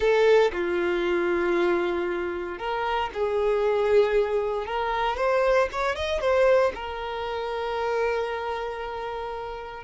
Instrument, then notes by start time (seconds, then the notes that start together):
violin
0.00 A4
0.52 F4
2.58 A#4
3.13 G#4
4.66 A#4
5.17 C5
5.72 C#5
5.95 D#5
6.20 C5
6.75 A#4